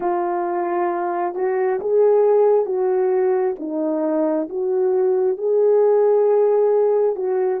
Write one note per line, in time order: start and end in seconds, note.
0.00 1.34 F4
1.34 1.79 F#4
1.80 2.65 G#4
2.65 3.55 F#4
3.59 4.48 D#4
4.49 5.37 F#4
5.37 7.15 G#4
7.15 7.60 F#4